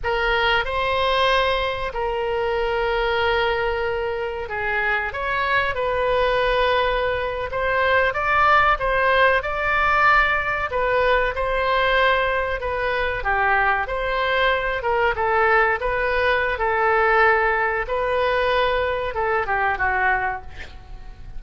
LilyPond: \new Staff \with { instrumentName = "oboe" } { \time 4/4 \tempo 4 = 94 ais'4 c''2 ais'4~ | ais'2. gis'4 | cis''4 b'2~ b'8. c''16~ | c''8. d''4 c''4 d''4~ d''16~ |
d''8. b'4 c''2 b'16~ | b'8. g'4 c''4. ais'8 a'16~ | a'8. b'4~ b'16 a'2 | b'2 a'8 g'8 fis'4 | }